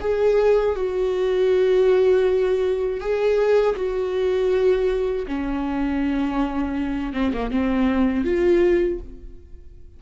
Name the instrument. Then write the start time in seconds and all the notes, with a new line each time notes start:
viola
0.00 G#4
0.75 F#4
3.00 G#4
3.75 F#4
5.27 C#4
7.13 C4
7.33 A#3
7.50 C4
8.24 F4